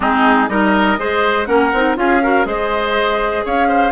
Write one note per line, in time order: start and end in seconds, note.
0.00 0.48 G#3
0.00 0.48 C4
0.00 0.49 D#4
0.00 0.48 G#4
0.48 0.97 G3
0.48 0.97 D#4
0.48 0.99 A#4
0.48 1.45 D#5
0.98 1.47 G#3
0.98 1.46 G#4
0.98 1.48 C5
1.45 1.71 A#3
1.45 1.71 C#4
1.45 1.97 A#4
1.45 1.94 F#5
1.72 1.96 C4
1.72 1.95 D#4
1.95 2.45 C#4
1.95 2.20 F4
1.95 2.23 G#4
1.95 2.46 F5
2.22 2.44 F#4
2.22 2.47 A#4
2.44 3.43 G#3
2.44 3.92 G#4
2.44 3.45 C5
2.44 3.45 D#5
3.45 3.92 C#4
3.45 3.68 C#5
3.45 3.92 F5
3.68 3.92 C5